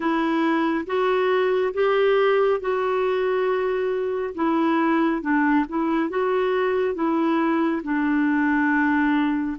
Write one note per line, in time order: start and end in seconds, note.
0.00 0.85 E4
0.86 1.73 F#4
1.73 2.60 G4
2.60 4.34 F#4
4.34 5.21 E4
5.21 5.65 D4
5.68 6.09 E4
6.09 6.94 F#4
6.94 7.81 E4
7.83 9.57 D4